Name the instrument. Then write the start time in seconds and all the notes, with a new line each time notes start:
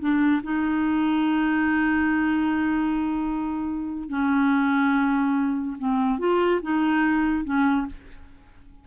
clarinet
0.00 D4
0.44 D#4
4.09 C#4
5.79 C4
6.19 F4
6.63 D#4
7.45 C#4